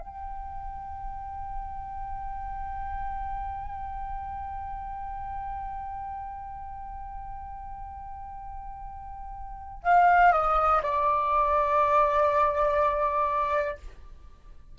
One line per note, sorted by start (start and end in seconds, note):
0.00 9.83 G5
9.83 10.32 F5
10.32 10.82 D#5
10.82 13.77 D5